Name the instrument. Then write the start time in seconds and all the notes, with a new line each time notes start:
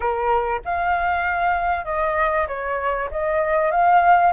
flute
0.00 A#4
0.64 F5
1.84 D#5
2.47 C#5
3.10 D#5
3.71 F5